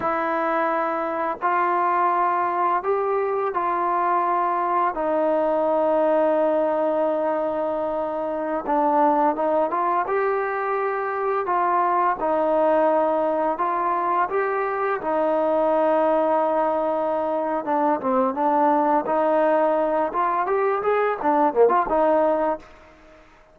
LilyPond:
\new Staff \with { instrumentName = "trombone" } { \time 4/4 \tempo 4 = 85 e'2 f'2 | g'4 f'2 dis'4~ | dis'1~ | dis'16 d'4 dis'8 f'8 g'4.~ g'16~ |
g'16 f'4 dis'2 f'8.~ | f'16 g'4 dis'2~ dis'8.~ | dis'4 d'8 c'8 d'4 dis'4~ | dis'8 f'8 g'8 gis'8 d'8 ais16 f'16 dis'4 | }